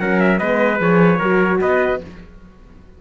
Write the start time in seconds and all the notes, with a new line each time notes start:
0.00 F#3 C#4 A#4 F#5
0.20 E5
0.39 G#3 B3 B4 D#5
0.78 F3 G#4 C#5
1.19 F#3 F#4 A#4
1.61 B3 B4 D#5